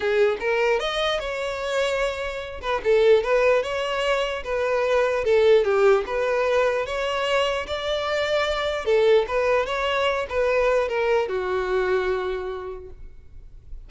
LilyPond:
\new Staff \with { instrumentName = "violin" } { \time 4/4 \tempo 4 = 149 gis'4 ais'4 dis''4 cis''4~ | cis''2~ cis''8 b'8 a'4 | b'4 cis''2 b'4~ | b'4 a'4 g'4 b'4~ |
b'4 cis''2 d''4~ | d''2 a'4 b'4 | cis''4. b'4. ais'4 | fis'1 | }